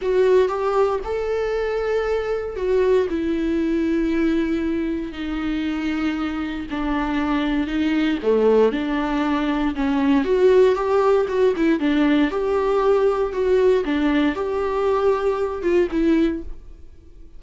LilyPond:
\new Staff \with { instrumentName = "viola" } { \time 4/4 \tempo 4 = 117 fis'4 g'4 a'2~ | a'4 fis'4 e'2~ | e'2 dis'2~ | dis'4 d'2 dis'4 |
a4 d'2 cis'4 | fis'4 g'4 fis'8 e'8 d'4 | g'2 fis'4 d'4 | g'2~ g'8 f'8 e'4 | }